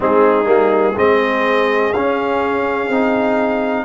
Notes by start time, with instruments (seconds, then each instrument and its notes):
0.00 tuba G#3, trombone C4, horn D#4, trumpet G#4
0.44 tuba G3, trombone A#3
0.96 tuba G#3, trombone C4, horn G#4, trumpet D#5
1.92 tuba C#4, trombone C#4, trumpet F5
2.88 tuba C4, trombone D#4